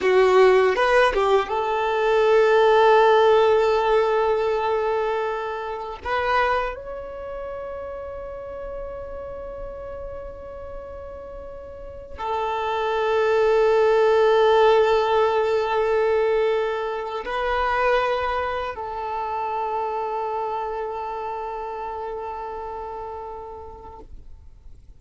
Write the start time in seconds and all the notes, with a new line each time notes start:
0.01 F#4
0.75 B4
1.14 G4
1.48 A4
6.04 B4
6.75 C#5
12.18 A4
17.25 B4
18.75 A4